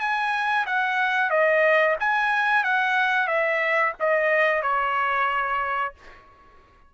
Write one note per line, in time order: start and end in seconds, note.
0.00 0.66 G#5
0.67 1.31 F#5
1.31 1.97 D#5
2.00 2.64 G#5
2.64 3.28 F#5
3.28 3.94 E5
4.00 4.63 D#5
4.63 5.95 C#5